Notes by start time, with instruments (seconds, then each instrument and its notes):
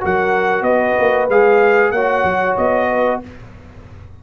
0.00 tuba F#3, trombone F#4, horn A#4, trumpet F#5
0.62 tuba B3, horn B4, trumpet D#5
0.99 tuba A#3
1.29 tuba G#3, trombone G#4, trumpet F5
1.91 tuba A#3, trombone F#4, horn C#5, trumpet F#5
2.24 tuba F#3
2.57 tuba B3, trumpet D#5
2.89 horn B4